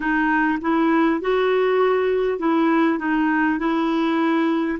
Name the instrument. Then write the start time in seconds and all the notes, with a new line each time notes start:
clarinet
0.00 D#4
0.61 E4
1.21 F#4
2.38 E4
2.98 D#4
3.58 E4